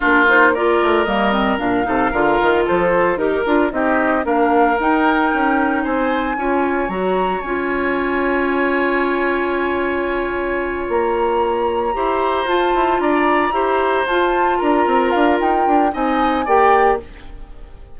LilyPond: <<
  \new Staff \with { instrumentName = "flute" } { \time 4/4 \tempo 4 = 113 ais'8 c''8 d''4 dis''4 f''4~ | f''4 c''4 ais'4 dis''4 | f''4 g''2 gis''4~ | gis''4 ais''4 gis''2~ |
gis''1~ | gis''8 ais''2. a''8~ | a''8 ais''2 a''4 ais''8~ | ais''8 f''8 g''4 gis''4 g''4 | }
  \new Staff \with { instrumentName = "oboe" } { \time 4/4 f'4 ais'2~ ais'8 a'8 | ais'4 a'4 ais'4 g'4 | ais'2. c''4 | cis''1~ |
cis''1~ | cis''2~ cis''8 c''4.~ | c''8 d''4 c''2 ais'8~ | ais'2 dis''4 d''4 | }
  \new Staff \with { instrumentName = "clarinet" } { \time 4/4 d'8 dis'8 f'4 ais8 c'8 d'8 dis'8 | f'2 g'8 f'8 dis'4 | d'4 dis'2. | f'4 fis'4 f'2~ |
f'1~ | f'2~ f'8 g'4 f'8~ | f'4. g'4 f'4.~ | f'2 dis'4 g'4 | }
  \new Staff \with { instrumentName = "bassoon" } { \time 4/4 ais4. a8 g4 ais,8 c8 | d8 dis8 f4 dis'8 d'8 c'4 | ais4 dis'4 cis'4 c'4 | cis'4 fis4 cis'2~ |
cis'1~ | cis'8 ais2 e'4 f'8 | e'8 d'4 e'4 f'4 d'8 | c'8 d'8 dis'8 d'8 c'4 ais4 | }
>>